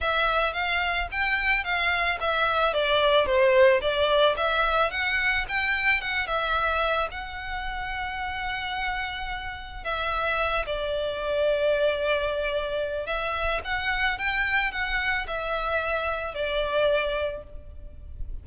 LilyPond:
\new Staff \with { instrumentName = "violin" } { \time 4/4 \tempo 4 = 110 e''4 f''4 g''4 f''4 | e''4 d''4 c''4 d''4 | e''4 fis''4 g''4 fis''8 e''8~ | e''4 fis''2.~ |
fis''2 e''4. d''8~ | d''1 | e''4 fis''4 g''4 fis''4 | e''2 d''2 | }